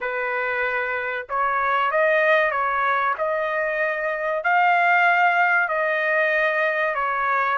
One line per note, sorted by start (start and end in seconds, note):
0.00 1.27 B4
1.29 1.91 C#5
1.91 2.51 D#5
2.51 3.14 C#5
3.18 4.43 D#5
4.43 5.68 F5
5.68 6.94 D#5
6.94 7.57 C#5